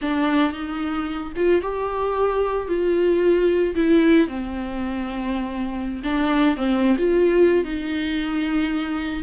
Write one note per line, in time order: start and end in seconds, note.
0.01 0.52 D4
0.52 1.33 D#4
1.35 1.61 F4
1.61 2.67 G4
2.67 3.75 F4
3.75 4.28 E4
4.28 6.02 C4
6.03 6.56 D4
6.56 6.96 C4
6.97 7.64 F4
7.64 9.23 D#4